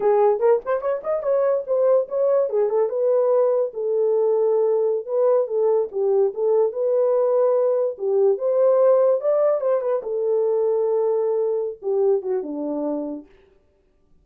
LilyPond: \new Staff \with { instrumentName = "horn" } { \time 4/4 \tempo 4 = 145 gis'4 ais'8 c''8 cis''8 dis''8 cis''4 | c''4 cis''4 gis'8 a'8 b'4~ | b'4 a'2.~ | a'16 b'4 a'4 g'4 a'8.~ |
a'16 b'2. g'8.~ | g'16 c''2 d''4 c''8 b'16~ | b'16 a'2.~ a'8.~ | a'8 g'4 fis'8 d'2 | }